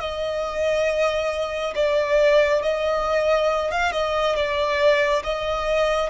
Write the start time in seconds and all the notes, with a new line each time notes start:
0.00 D#5
1.75 D5
2.62 D#5
3.71 F5
3.92 D#5
4.36 D5
5.24 D#5